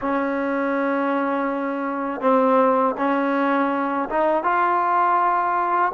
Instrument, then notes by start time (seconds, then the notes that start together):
trombone
0.01 C#4
2.20 C4
2.97 C#4
4.09 D#4
4.43 F4